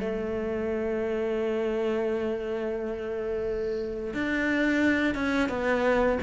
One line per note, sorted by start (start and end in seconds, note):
0.00 4.14 A3
4.14 5.14 D4
5.14 5.49 C#4
5.49 6.18 B3